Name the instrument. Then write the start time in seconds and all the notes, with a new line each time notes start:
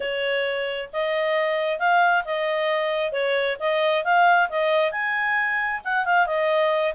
clarinet
0.00 C#5
0.92 D#5
1.79 F5
2.24 D#5
3.12 C#5
3.59 D#5
4.04 F5
4.49 D#5
4.91 G#5
5.84 F#5
6.05 F5
6.26 D#5